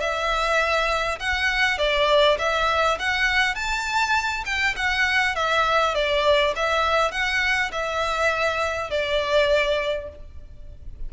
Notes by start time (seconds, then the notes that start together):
0.00 E5
1.19 F#5
1.78 D5
2.38 E5
2.99 F#5
3.55 A5
4.45 G5
4.76 F#5
5.35 E5
5.95 D5
6.56 E5
7.11 F#5
7.71 E5
8.90 D5